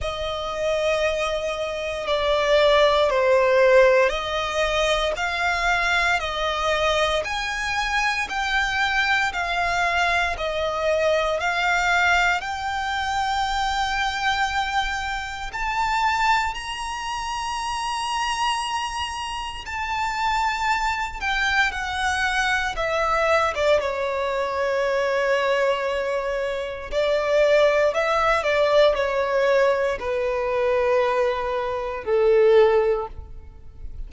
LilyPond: \new Staff \with { instrumentName = "violin" } { \time 4/4 \tempo 4 = 58 dis''2 d''4 c''4 | dis''4 f''4 dis''4 gis''4 | g''4 f''4 dis''4 f''4 | g''2. a''4 |
ais''2. a''4~ | a''8 g''8 fis''4 e''8. d''16 cis''4~ | cis''2 d''4 e''8 d''8 | cis''4 b'2 a'4 | }